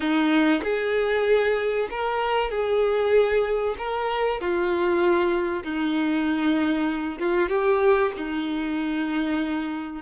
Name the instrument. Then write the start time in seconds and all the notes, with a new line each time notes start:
violin
0.00 D#4
0.63 G#4
1.90 A#4
2.50 G#4
3.78 A#4
4.40 F4
5.63 D#4
7.19 F4
7.49 G4
8.16 D#4